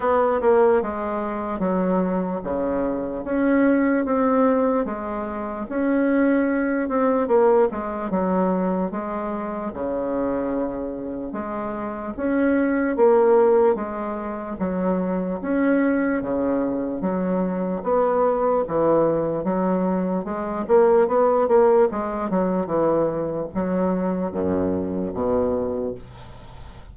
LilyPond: \new Staff \with { instrumentName = "bassoon" } { \time 4/4 \tempo 4 = 74 b8 ais8 gis4 fis4 cis4 | cis'4 c'4 gis4 cis'4~ | cis'8 c'8 ais8 gis8 fis4 gis4 | cis2 gis4 cis'4 |
ais4 gis4 fis4 cis'4 | cis4 fis4 b4 e4 | fis4 gis8 ais8 b8 ais8 gis8 fis8 | e4 fis4 fis,4 b,4 | }